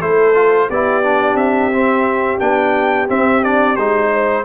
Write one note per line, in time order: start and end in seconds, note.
0.00 0.69 A3
0.00 0.34 E4
0.00 0.69 A4
0.00 0.69 C5
0.34 0.68 F4
0.69 1.34 B3
0.69 1.03 E4
0.69 4.10 G4
0.69 1.36 D5
1.03 1.71 D4
1.34 2.37 C4
1.34 2.38 E5
1.72 2.39 C4
2.39 3.08 B3
2.39 3.07 D4
2.39 3.08 G5
3.08 3.42 C4
3.08 3.76 C4
3.08 3.43 E5
3.42 3.76 D4
3.42 3.76 D5
3.76 4.44 G#3
3.76 4.44 D#4
3.76 4.44 C5
4.12 4.44 C5